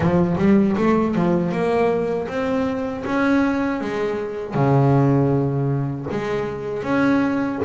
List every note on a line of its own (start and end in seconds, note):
0.00 0.36 F3
0.38 0.76 G3
0.77 1.15 A3
1.15 1.52 F3
1.52 2.28 A#3
2.28 3.03 C4
3.05 3.80 C#4
3.80 4.54 G#3
4.54 6.06 C#3
6.11 6.83 G#3
6.83 7.58 C#4